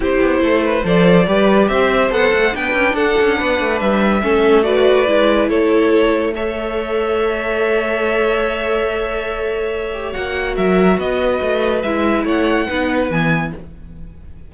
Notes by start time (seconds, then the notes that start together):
0.00 C4 E4 G4 C5
0.21 B3
0.40 A3 A4
0.64 B4
0.84 F3 A4 C5 D5
1.27 G3 G4 B4
1.68 C4 C5 E5
2.11 B3 A4 F#5
2.33 A3
2.52 B3 D4 B4 G5
2.73 C#4
2.93 D4 A4 F#5
3.21 C#4
3.37 B3 B4
3.59 A3
3.80 G3 E5
4.22 A3 C#4 A4
4.63 F#4 B4 D5
5.06 G#3 E4
5.49 A3 A4 C#5
6.34 A4 C#5 E5
9.94 G4
10.12 A#3 F#4 F#5
10.55 F#3 A#4 E5
10.97 B3 B4 D#5
11.41 A3
11.82 G#3 E4 E5
12.24 A3 C#5 F#5
12.67 B3 D#4 B4
13.10 E3 B3 G#5